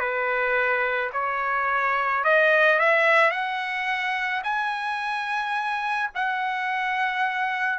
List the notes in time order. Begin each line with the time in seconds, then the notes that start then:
0.00 B4
1.13 C#5
2.24 D#5
2.80 E5
3.31 F#5
4.44 G#5
6.15 F#5